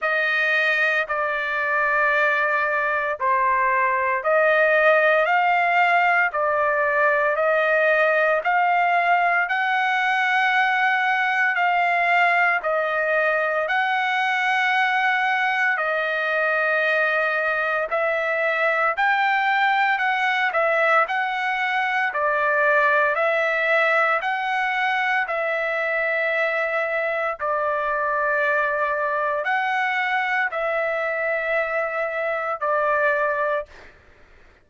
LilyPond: \new Staff \with { instrumentName = "trumpet" } { \time 4/4 \tempo 4 = 57 dis''4 d''2 c''4 | dis''4 f''4 d''4 dis''4 | f''4 fis''2 f''4 | dis''4 fis''2 dis''4~ |
dis''4 e''4 g''4 fis''8 e''8 | fis''4 d''4 e''4 fis''4 | e''2 d''2 | fis''4 e''2 d''4 | }